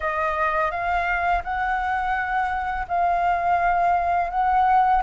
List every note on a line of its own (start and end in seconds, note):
0.00 0.71 D#5
0.71 1.42 F5
1.44 2.86 F#5
2.88 4.30 F5
4.30 5.02 F#5